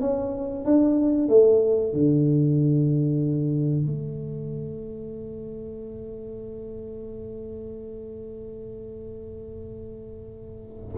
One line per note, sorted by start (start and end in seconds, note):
0.00 0.65 C#4
0.65 1.28 D4
1.28 1.93 A3
1.93 3.85 D3
3.85 10.95 A3